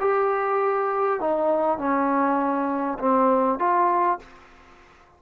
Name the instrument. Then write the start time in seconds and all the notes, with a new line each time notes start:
trombone
0.00 G4
1.20 D#4
1.78 C#4
2.99 C4
3.59 F4